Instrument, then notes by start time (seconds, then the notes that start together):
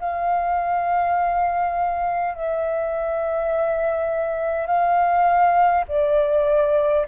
flute
0.00 F5
2.35 E5
4.67 F5
5.89 D5